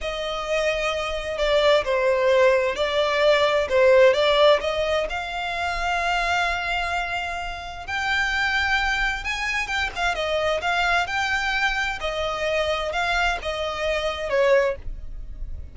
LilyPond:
\new Staff \with { instrumentName = "violin" } { \time 4/4 \tempo 4 = 130 dis''2. d''4 | c''2 d''2 | c''4 d''4 dis''4 f''4~ | f''1~ |
f''4 g''2. | gis''4 g''8 f''8 dis''4 f''4 | g''2 dis''2 | f''4 dis''2 cis''4 | }